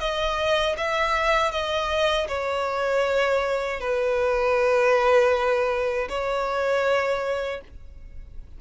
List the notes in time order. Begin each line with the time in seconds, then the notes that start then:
0.00 D#5
0.78 E5
1.52 D#5
2.29 C#5
3.81 B4
6.10 C#5